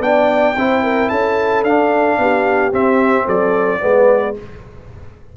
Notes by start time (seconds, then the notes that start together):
0.00 B3 D4 D5 G5
0.56 C4 E4 C5
0.83 A#4
1.09 C#4 A4 A5
1.64 D4 F5
2.18 B3 G4
2.72 C4 E5
3.25 F#3 A4 D5
3.80 G#3 B3 B4